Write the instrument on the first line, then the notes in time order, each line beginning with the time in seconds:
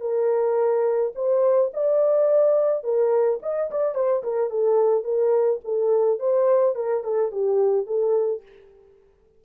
horn
0.00 A#4
1.15 C5
1.73 D5
2.83 A#4
3.42 D#5
3.71 D5
3.95 C5
4.23 A#4
4.50 A4
5.04 A#4
5.64 A4
6.19 C5
6.75 A#4
7.03 A4
7.31 G4
7.86 A4